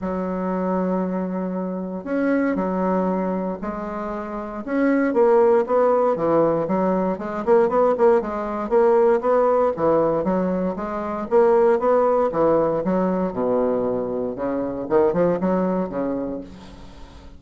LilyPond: \new Staff \with { instrumentName = "bassoon" } { \time 4/4 \tempo 4 = 117 fis1 | cis'4 fis2 gis4~ | gis4 cis'4 ais4 b4 | e4 fis4 gis8 ais8 b8 ais8 |
gis4 ais4 b4 e4 | fis4 gis4 ais4 b4 | e4 fis4 b,2 | cis4 dis8 f8 fis4 cis4 | }